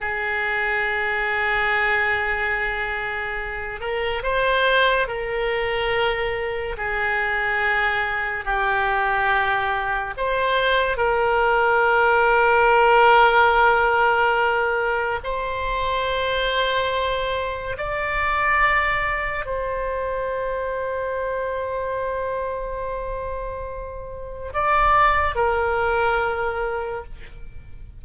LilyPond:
\new Staff \with { instrumentName = "oboe" } { \time 4/4 \tempo 4 = 71 gis'1~ | gis'8 ais'8 c''4 ais'2 | gis'2 g'2 | c''4 ais'2.~ |
ais'2 c''2~ | c''4 d''2 c''4~ | c''1~ | c''4 d''4 ais'2 | }